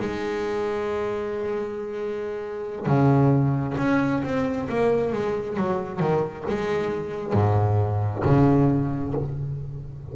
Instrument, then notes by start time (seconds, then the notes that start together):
double bass
0.00 G#3
2.87 C#3
3.78 C#4
4.24 C4
4.69 A#3
5.13 G#3
5.57 F#3
6.00 D#3
6.49 G#3
7.34 G#2
8.25 C#3